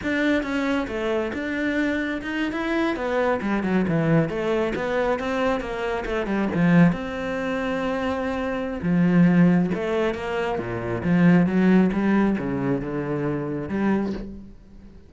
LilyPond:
\new Staff \with { instrumentName = "cello" } { \time 4/4 \tempo 4 = 136 d'4 cis'4 a4 d'4~ | d'4 dis'8. e'4 b4 g16~ | g16 fis8 e4 a4 b4 c'16~ | c'8. ais4 a8 g8 f4 c'16~ |
c'1 | f2 a4 ais4 | ais,4 f4 fis4 g4 | cis4 d2 g4 | }